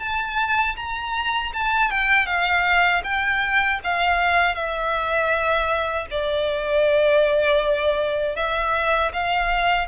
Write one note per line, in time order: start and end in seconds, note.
0.00 0.76 A5
0.76 1.52 A#5
1.54 1.91 A5
1.91 2.26 G5
2.26 3.02 F5
3.04 3.80 G5
3.84 4.55 F5
4.55 6.07 E5
6.11 8.36 D5
8.36 9.12 E5
9.13 9.88 F5